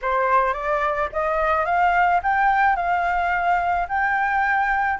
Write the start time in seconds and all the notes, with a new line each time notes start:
0.01 C5
0.53 D5
1.12 D#5
1.65 F5
2.22 G5
2.76 F5
3.88 G5